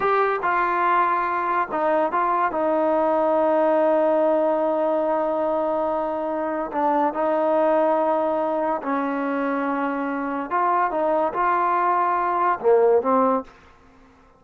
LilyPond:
\new Staff \with { instrumentName = "trombone" } { \time 4/4 \tempo 4 = 143 g'4 f'2. | dis'4 f'4 dis'2~ | dis'1~ | dis'1 |
d'4 dis'2.~ | dis'4 cis'2.~ | cis'4 f'4 dis'4 f'4~ | f'2 ais4 c'4 | }